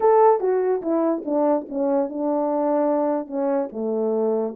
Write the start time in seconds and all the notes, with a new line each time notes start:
0.00 A4
0.40 F#4
0.81 E4
1.25 D4
1.68 C#4
2.09 D4
3.27 C#4
3.72 A3